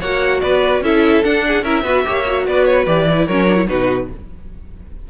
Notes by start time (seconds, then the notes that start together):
0.00 A#3 F#4 C#5 F#5
0.41 B3 B4 D5
0.81 C#4 E4 A4 E5
1.23 D4 F#5
1.47 G#4
1.63 C#4 E4 A#4 E5
1.83 B3 F#4 B4
2.05 A#3 G4 C#5
2.26 F#4
2.46 B3 B4 D5
2.65 C#5
2.86 E3 G4 D5
3.11 E4
3.26 F#3 C#4 A#4 C#5
3.48 D4
3.56 E4
3.68 B2 D#4 F#4 B4